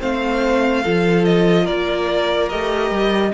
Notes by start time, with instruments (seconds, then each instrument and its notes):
0.00 cello A3, viola C4, violin C5 F5
0.83 cello F3, viola F4, violin A4
1.25 violin D#5
1.65 cello A#3, violin A#4 D5
2.49 cello A3, viola G4, violin D#5
2.91 cello G3